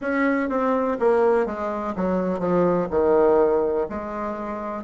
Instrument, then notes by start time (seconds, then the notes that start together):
bassoon
0.01 C#4
0.49 C4
0.99 A#3
1.46 G#3
1.95 F#3
2.39 F3
2.90 D#3
3.89 G#3